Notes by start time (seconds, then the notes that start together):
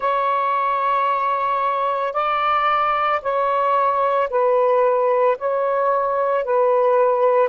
0.00 C#5
2.13 D5
3.21 C#5
4.30 B4
5.38 C#5
6.44 B4